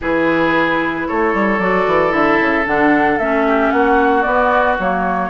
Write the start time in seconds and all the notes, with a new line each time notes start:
0.01 E3 E4 G#4 B4
1.08 A3 A4 C#5
1.33 G3
1.58 F#3 F#4 D5
1.86 E3
2.10 D3 E4 E5
2.39 C#3
2.66 D3 D4 F#5
3.18 A3 C#4 E5
3.46 G4
3.71 A#3 F#4 F#5
4.22 B3 D5
4.78 F#3 A#3 C#5